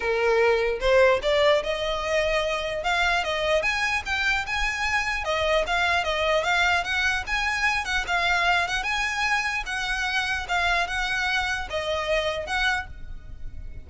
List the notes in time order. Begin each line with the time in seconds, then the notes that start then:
0.00 A#4
0.80 C5
1.22 D5
1.63 D#5
2.83 F5
3.23 D#5
3.62 G#5
4.05 G5
4.46 G#5
5.24 D#5
5.67 F5
6.03 D#5
6.43 F5
6.83 F#5
7.26 G#5
7.84 F#5
8.07 F5
8.67 F#5
8.83 G#5
9.66 F#5
10.48 F5
10.87 F#5
11.70 D#5
12.46 F#5